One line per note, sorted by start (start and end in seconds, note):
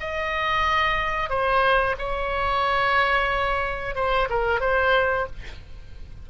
0.00 1.29 D#5
1.29 1.95 C5
1.99 3.95 C#5
3.95 4.28 C5
4.29 4.61 A#4
4.61 5.27 C5